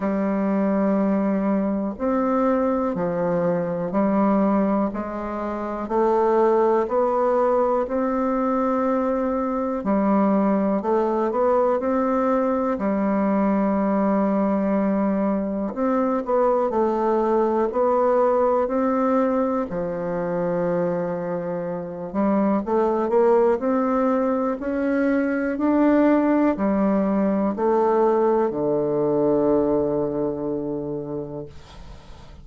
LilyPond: \new Staff \with { instrumentName = "bassoon" } { \time 4/4 \tempo 4 = 61 g2 c'4 f4 | g4 gis4 a4 b4 | c'2 g4 a8 b8 | c'4 g2. |
c'8 b8 a4 b4 c'4 | f2~ f8 g8 a8 ais8 | c'4 cis'4 d'4 g4 | a4 d2. | }